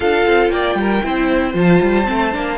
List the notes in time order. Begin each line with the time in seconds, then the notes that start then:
0.00 D4 F4 A4 F5
0.26 C4
0.49 A#3 D5 G5
0.74 G3 A#4
1.02 C4 E4 C5
1.53 F3 F4 A5
1.81 G3
2.05 A3 C4
2.32 A#3 D4